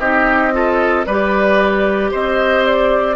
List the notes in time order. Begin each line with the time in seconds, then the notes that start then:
0.00 C4 D#4 G4 D#5
0.52 F4 A4
1.06 G3 G4 B4 D5
2.11 C4 C5 D#5
2.65 D5